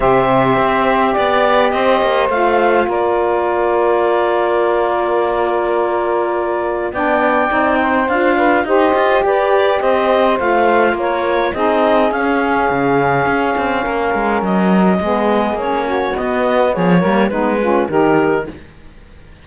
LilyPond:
<<
  \new Staff \with { instrumentName = "clarinet" } { \time 4/4 \tempo 4 = 104 e''2 d''4 dis''4 | f''4 d''2.~ | d''1 | g''2 f''4 dis''4 |
d''4 dis''4 f''4 cis''4 | dis''4 f''2.~ | f''4 dis''2 cis''4 | dis''4 cis''4 b'4 ais'4 | }
  \new Staff \with { instrumentName = "saxophone" } { \time 4/4 c''2 d''4 c''4~ | c''4 ais'2.~ | ais'1 | d''4. c''4 b'8 c''4 |
b'4 c''2 ais'4 | gis'1 | ais'2 gis'4. fis'8~ | fis'4 gis'8 ais'8 dis'8 f'8 g'4 | }
  \new Staff \with { instrumentName = "saxophone" } { \time 4/4 g'1 | f'1~ | f'1 | d'4 dis'4 f'4 g'4~ |
g'2 f'2 | dis'4 cis'2.~ | cis'2 b4 cis'4 | b4. ais8 b8 cis'8 dis'4 | }
  \new Staff \with { instrumentName = "cello" } { \time 4/4 c4 c'4 b4 c'8 ais8 | a4 ais2.~ | ais1 | b4 c'4 d'4 dis'8 f'8 |
g'4 c'4 a4 ais4 | c'4 cis'4 cis4 cis'8 c'8 | ais8 gis8 fis4 gis4 ais4 | b4 f8 g8 gis4 dis4 | }
>>